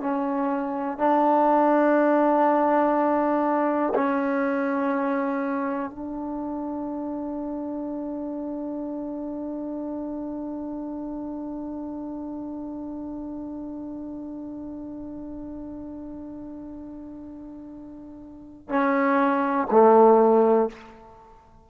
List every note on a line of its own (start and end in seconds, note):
0.00 0.98 C#4
0.98 3.93 D4
3.94 5.90 C#4
5.90 18.68 D4
18.68 19.67 C#4
19.71 20.69 A3